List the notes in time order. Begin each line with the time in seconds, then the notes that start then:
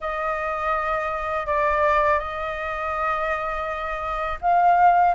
0.00 D#5
1.46 D5
2.19 D#5
4.41 F5